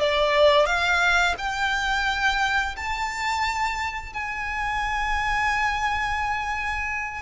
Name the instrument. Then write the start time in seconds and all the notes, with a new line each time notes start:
violin
0.00 D5
0.66 F5
1.38 G5
2.76 A5
4.13 G#5